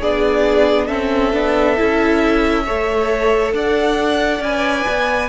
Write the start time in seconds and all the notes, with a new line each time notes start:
0.00 B3 D4 G#4 D5
0.87 C4 C#4 A4 E5
1.33 B3 D4
1.76 C#4 E4
2.65 A3 A4 C#5
3.53 D4 D5 F#5
4.39 C#4 B4 G#5
4.87 B3